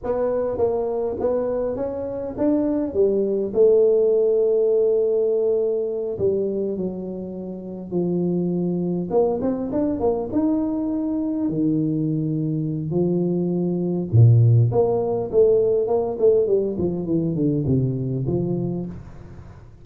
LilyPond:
\new Staff \with { instrumentName = "tuba" } { \time 4/4 \tempo 4 = 102 b4 ais4 b4 cis'4 | d'4 g4 a2~ | a2~ a8 g4 fis8~ | fis4. f2 ais8 |
c'8 d'8 ais8 dis'2 dis8~ | dis2 f2 | ais,4 ais4 a4 ais8 a8 | g8 f8 e8 d8 c4 f4 | }